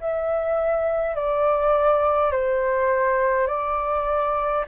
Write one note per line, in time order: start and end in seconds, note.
0.00 1.15 E5
1.15 2.32 D5
2.32 3.47 C5
3.47 4.65 D5